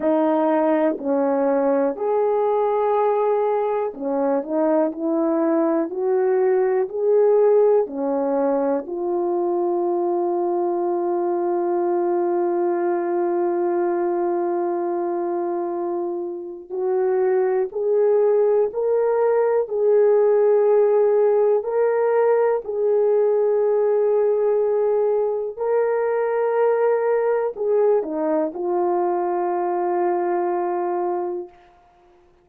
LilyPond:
\new Staff \with { instrumentName = "horn" } { \time 4/4 \tempo 4 = 61 dis'4 cis'4 gis'2 | cis'8 dis'8 e'4 fis'4 gis'4 | cis'4 f'2.~ | f'1~ |
f'4 fis'4 gis'4 ais'4 | gis'2 ais'4 gis'4~ | gis'2 ais'2 | gis'8 dis'8 f'2. | }